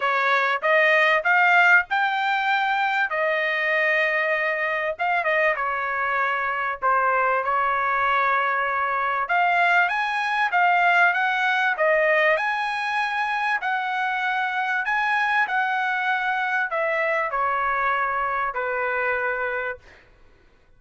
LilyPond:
\new Staff \with { instrumentName = "trumpet" } { \time 4/4 \tempo 4 = 97 cis''4 dis''4 f''4 g''4~ | g''4 dis''2. | f''8 dis''8 cis''2 c''4 | cis''2. f''4 |
gis''4 f''4 fis''4 dis''4 | gis''2 fis''2 | gis''4 fis''2 e''4 | cis''2 b'2 | }